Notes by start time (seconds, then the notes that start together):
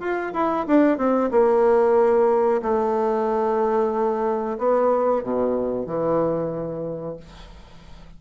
0.00 F4
0.34 E4
0.67 D4
0.98 C4
1.31 A#3
2.62 A3
4.59 B3
5.24 B2
5.86 E3